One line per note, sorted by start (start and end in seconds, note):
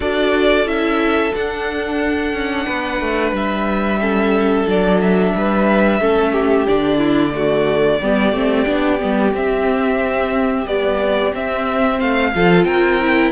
0.00 0.65 D4
0.00 0.65 F#4
0.00 2.66 A4
0.00 0.67 D5
0.65 1.31 C#4
0.65 1.32 E4
0.65 1.34 E5
1.33 4.00 D4
1.33 2.33 D4
1.33 3.35 F#5
2.33 2.66 C#4
2.66 3.00 B3
2.66 3.99 B4
3.00 3.32 A3
3.32 4.65 G3
3.32 4.69 E5
4.00 4.66 C#4
4.00 5.34 A4
4.66 5.33 F#3
4.66 5.99 D4
4.66 5.01 D5
5.01 6.66 E5
5.34 6.00 G3
5.34 6.01 B4
6.00 6.67 A3
6.00 6.67 C#4
6.00 6.32 A4
6.32 6.98 G4
6.66 8.01 D3
6.66 7.32 D4
6.66 9.33 D5
6.98 7.31 E4
7.32 7.99 A3
7.32 8.00 F#4
8.00 8.32 G3
8.00 8.33 B3
8.00 11.97 G4
8.32 8.65 A3
8.32 8.66 C4
8.66 9.00 B3
8.66 8.99 D4
8.99 9.33 G3
8.99 9.32 B3
9.33 10.66 C4
9.33 10.65 C4
9.33 10.66 E5
10.65 11.31 G3
10.65 11.33 B3
10.65 11.33 D5
11.33 12.33 C4
11.33 12.00 C4
11.33 12.00 E5
11.97 12.34 A3
11.97 12.31 C5
11.97 12.64 F5
12.35 12.64 F3
12.35 13.01 F4
12.35 12.67 A4
12.64 13.31 C4
12.64 13.32 A#4
12.64 13.31 G5
13.01 13.32 E4